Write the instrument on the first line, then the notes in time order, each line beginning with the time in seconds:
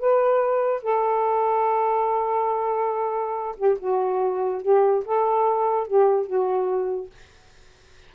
saxophone
0.00 B4
0.83 A4
3.57 G4
3.80 F#4
4.62 G4
5.05 A4
5.87 G4
6.27 F#4